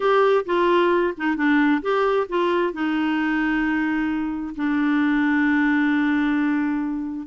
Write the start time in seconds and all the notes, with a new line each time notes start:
0.00 G4
0.45 F4
1.17 D#4
1.36 D4
1.81 G4
2.29 F4
2.73 D#4
4.55 D4